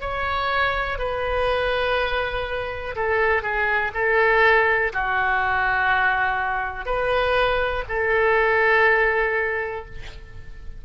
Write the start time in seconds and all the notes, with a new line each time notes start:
0.00 C#5
0.98 B4
2.95 A4
3.42 G#4
3.93 A4
4.93 F#4
6.85 B4
7.88 A4